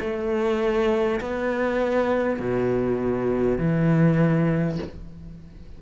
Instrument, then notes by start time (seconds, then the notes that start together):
cello
0.00 A3
1.21 B3
2.39 B2
3.58 E3